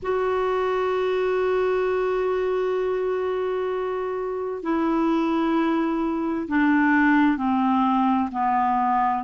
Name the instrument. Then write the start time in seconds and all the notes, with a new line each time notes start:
clarinet
0.02 F#4
4.62 E4
6.48 D4
7.37 C4
8.31 B3